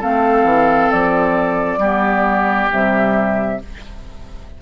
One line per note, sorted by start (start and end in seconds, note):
0.00 0.43 A3
0.00 1.79 C4
0.00 1.79 A4
0.00 0.91 F5
0.43 0.88 E3
0.91 1.77 F3
0.91 2.70 D5
1.77 2.67 G3
1.77 2.70 B3
1.77 3.58 G4
2.70 3.61 C3
2.70 3.60 G3
2.70 3.62 E5